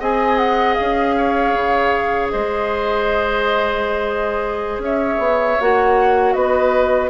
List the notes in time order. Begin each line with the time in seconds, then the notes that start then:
0.00 C4 G#4 D#5 G#5
0.38 F#5
0.75 C#4 F5
1.18 C#5
1.54 C#3
2.30 G#3 C5 D#5
4.79 C#4 C#5 E5
5.19 B3
5.61 A#3 F#4 F#5
6.33 B3 B4 D#5